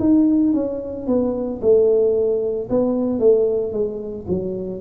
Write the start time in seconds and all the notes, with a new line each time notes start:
0.00 D#4
0.53 C#4
1.07 B3
1.62 A3
2.70 B3
3.19 A3
3.73 G#3
4.28 F#3